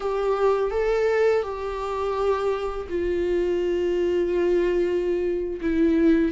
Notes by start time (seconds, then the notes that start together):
0.00 G4
0.70 A4
1.42 G4
2.89 F4
5.61 E4